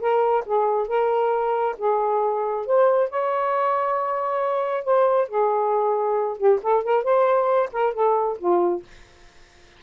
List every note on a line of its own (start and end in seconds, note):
0.00 0.44 A#4
0.45 0.87 G#4
0.87 1.76 A#4
1.78 2.66 G#4
2.66 3.09 C5
3.09 4.84 C#5
4.84 5.28 C5
5.28 6.37 G#4
6.37 6.59 G4
6.62 6.83 A4
6.83 7.03 A#4
7.03 7.69 C5
7.72 7.93 A#4
7.93 8.37 A4
8.38 8.82 F4